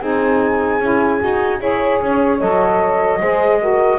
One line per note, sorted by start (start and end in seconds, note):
0.00 0.80 C4
0.00 0.80 D#4
0.00 1.60 G#4
0.00 1.60 G#5
0.80 1.20 C#4
0.80 1.19 E4
1.19 1.61 D#4
1.19 1.59 F#4
1.59 2.01 E4
1.59 2.39 G#4
1.59 3.20 C#5
1.59 2.40 C#5
2.01 2.41 C#4
2.39 3.21 F#3
2.39 3.19 A4
2.39 3.99 D#5
3.21 3.99 G#3
3.21 3.60 G#4
3.21 3.61 C5
3.60 3.99 F#4
3.60 3.99 A#4